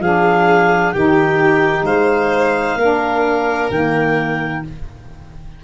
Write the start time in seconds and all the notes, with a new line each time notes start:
0.00 F3 D4 G#4 F5
0.93 D#3 D#4 G4 G5
1.83 G#3 C5 F5
2.76 A#3 D4 A#4
3.70 D#3 A#3 G5